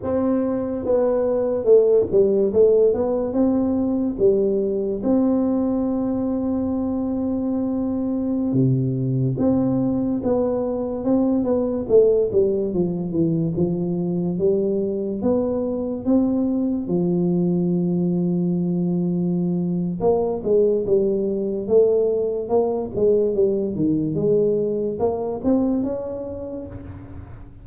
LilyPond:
\new Staff \with { instrumentName = "tuba" } { \time 4/4 \tempo 4 = 72 c'4 b4 a8 g8 a8 b8 | c'4 g4 c'2~ | c'2~ c'16 c4 c'8.~ | c'16 b4 c'8 b8 a8 g8 f8 e16~ |
e16 f4 g4 b4 c'8.~ | c'16 f2.~ f8. | ais8 gis8 g4 a4 ais8 gis8 | g8 dis8 gis4 ais8 c'8 cis'4 | }